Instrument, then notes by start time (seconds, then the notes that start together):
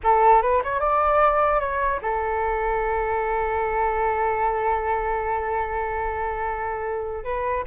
flute
0.03 A4
0.42 B4
0.63 C#5
0.80 D5
1.60 C#5
2.02 A4
7.24 B4